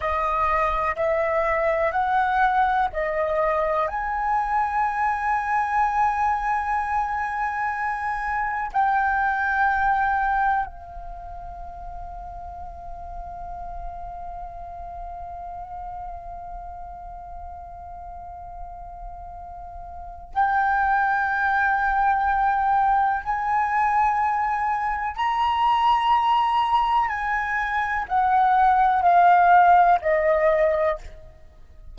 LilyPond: \new Staff \with { instrumentName = "flute" } { \time 4/4 \tempo 4 = 62 dis''4 e''4 fis''4 dis''4 | gis''1~ | gis''4 g''2 f''4~ | f''1~ |
f''1~ | f''4 g''2. | gis''2 ais''2 | gis''4 fis''4 f''4 dis''4 | }